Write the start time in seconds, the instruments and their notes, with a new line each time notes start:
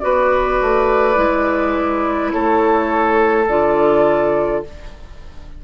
0.00 bassoon B3, clarinet F#4, oboe B4, flute D5
0.61 bassoon A3
1.15 bassoon G#3, clarinet E4
2.31 bassoon A3, oboe A4, flute C#5
3.48 bassoon D3, clarinet F4, flute D5